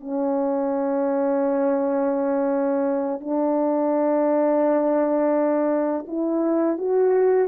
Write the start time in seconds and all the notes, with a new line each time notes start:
0.00 C#4
3.20 D4
6.07 E4
6.77 F#4